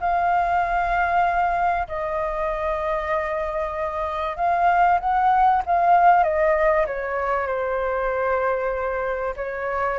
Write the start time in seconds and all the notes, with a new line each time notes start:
0.00 F5
1.88 D#5
4.37 F5
5.00 F#5
5.66 F5
6.23 D#5
6.87 C#5
7.47 C5
9.36 C#5